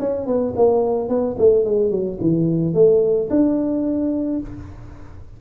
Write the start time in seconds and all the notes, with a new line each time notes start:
0.00 C#4
0.27 B3
0.57 A#3
1.09 B3
1.39 A3
1.65 G#3
1.91 F#3
2.21 E3
2.75 A3
3.30 D4